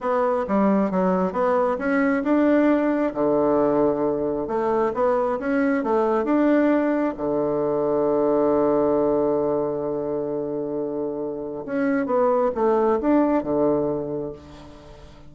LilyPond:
\new Staff \with { instrumentName = "bassoon" } { \time 4/4 \tempo 4 = 134 b4 g4 fis4 b4 | cis'4 d'2 d4~ | d2 a4 b4 | cis'4 a4 d'2 |
d1~ | d1~ | d2 cis'4 b4 | a4 d'4 d2 | }